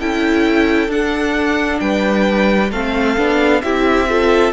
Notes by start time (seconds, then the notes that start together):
0.00 C#4 E4 A4 G5
0.88 D4 F#5
1.80 G3 B4 G5
2.71 A3 C4 A4 F5
3.18 B3 D4
3.62 C4 E4 G4 E5
4.09 F4 A4